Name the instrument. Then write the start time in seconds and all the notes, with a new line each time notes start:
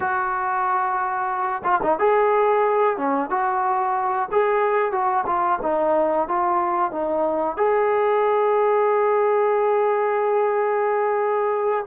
trombone
0.00 F#4
1.64 F4
1.83 D#4
1.98 G#4
2.97 C#4
3.30 F#4
4.31 G#4
4.92 F#4
5.26 F4
5.62 D#4
6.28 F4
6.91 D#4
7.56 G#4